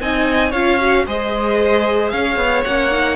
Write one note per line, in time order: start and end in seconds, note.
0.00 0.53 C4
0.00 0.53 D#4
0.00 0.50 D#5
0.00 0.52 G#5
0.50 1.06 C#4
0.50 0.80 F4
0.50 1.03 C#5
0.50 1.05 F5
0.80 1.06 F#4
1.07 2.12 G#3
1.07 2.66 G#4
1.07 2.12 C5
1.07 2.10 D#5
2.10 2.36 C#4
2.10 3.16 C#5
2.10 2.63 F5
2.36 2.62 B3
2.64 3.16 A#3
2.64 2.91 C#4
2.64 3.16 F#5
2.91 3.16 D#4